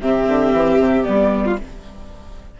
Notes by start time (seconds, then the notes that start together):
0.00 C3 C4 G4 E5
0.27 D3
0.52 E3
0.79 C3
1.03 G3 B3 D5
1.45 F4